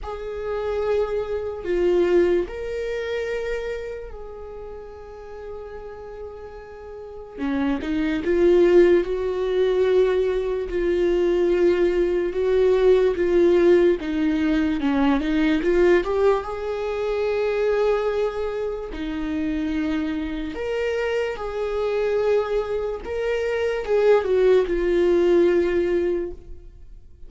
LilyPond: \new Staff \with { instrumentName = "viola" } { \time 4/4 \tempo 4 = 73 gis'2 f'4 ais'4~ | ais'4 gis'2.~ | gis'4 cis'8 dis'8 f'4 fis'4~ | fis'4 f'2 fis'4 |
f'4 dis'4 cis'8 dis'8 f'8 g'8 | gis'2. dis'4~ | dis'4 ais'4 gis'2 | ais'4 gis'8 fis'8 f'2 | }